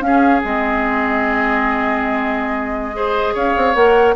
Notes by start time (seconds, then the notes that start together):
0.00 C#4 F5
0.06 G#4
0.44 G#3 C4 D#5
2.93 G#4 C5
3.34 C#4 C#5 F5
3.56 C4
3.74 A#3 A#4 F#5